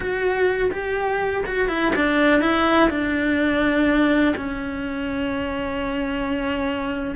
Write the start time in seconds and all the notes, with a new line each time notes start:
0.00 F#4
0.71 G4
1.46 F#4
1.68 E4
1.95 D4
2.41 E4
2.89 D4
4.36 C#4